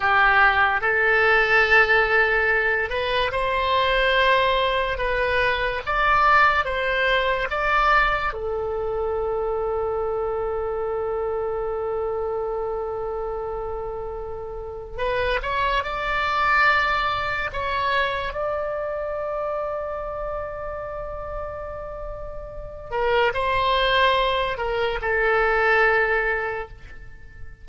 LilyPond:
\new Staff \with { instrumentName = "oboe" } { \time 4/4 \tempo 4 = 72 g'4 a'2~ a'8 b'8 | c''2 b'4 d''4 | c''4 d''4 a'2~ | a'1~ |
a'2 b'8 cis''8 d''4~ | d''4 cis''4 d''2~ | d''2.~ d''8 ais'8 | c''4. ais'8 a'2 | }